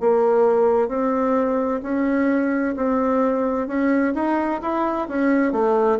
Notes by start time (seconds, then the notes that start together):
0.00 A#3
0.88 C4
1.83 C#4
2.76 C4
3.67 C#4
4.15 D#4
4.62 E4
5.08 C#4
5.52 A3